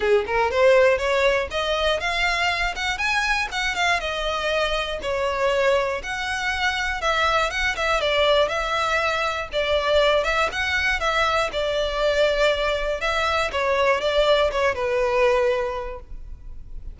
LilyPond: \new Staff \with { instrumentName = "violin" } { \time 4/4 \tempo 4 = 120 gis'8 ais'8 c''4 cis''4 dis''4 | f''4. fis''8 gis''4 fis''8 f''8 | dis''2 cis''2 | fis''2 e''4 fis''8 e''8 |
d''4 e''2 d''4~ | d''8 e''8 fis''4 e''4 d''4~ | d''2 e''4 cis''4 | d''4 cis''8 b'2~ b'8 | }